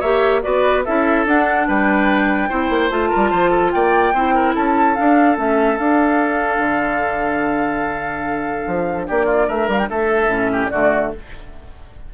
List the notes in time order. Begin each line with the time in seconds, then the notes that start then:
0.00 A#3 G4 C#5 E5
0.43 B3 F#4 B4 D5
0.85 C#4 E4 A4 E5
1.26 D4 F#5
1.68 G3 B4 G5
2.49 C4 E4 C5
2.70 A#3
2.90 A3 F4 A5
3.10 A#4
3.16 G3
3.30 F3 C5
3.50 A4
3.71 A#3 D5 G5
4.14 C4 E4 C5
4.35 A#4
4.55 C#4 A4 A5
4.95 D4 F5
5.37 A3 C#4 E5
5.78 D4 F5
6.59 D3
8.67 F3
9.07 A#3 G4 D5
9.26 F4
9.48 A3 A#4 E5
9.68 G3 F5
9.79 G5
9.89 A3 A4 E5
10.28 A2 C#4
10.52 G4
10.69 D3 A3 F#4 D5